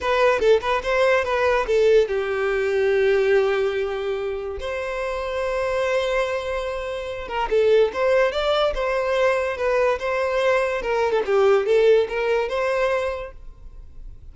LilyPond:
\new Staff \with { instrumentName = "violin" } { \time 4/4 \tempo 4 = 144 b'4 a'8 b'8 c''4 b'4 | a'4 g'2.~ | g'2. c''4~ | c''1~ |
c''4. ais'8 a'4 c''4 | d''4 c''2 b'4 | c''2 ais'8. a'16 g'4 | a'4 ais'4 c''2 | }